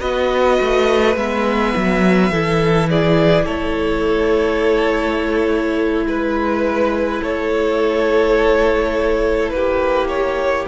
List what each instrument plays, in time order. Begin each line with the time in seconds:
0.00 cello B3, viola F#4, violin B4 D#5
0.62 cello A3
1.16 cello G#3, viola B3, violin E5
1.76 cello F#3
2.30 cello E3, viola E4, violin A4
2.90 violin G#4 D5
3.45 cello A3, violin A4 C#5
6.06 cello G#3, violin B4
7.21 cello A3, violin A4 C#5
9.50 cello A#3, violin G4 B4
10.08 violin C#5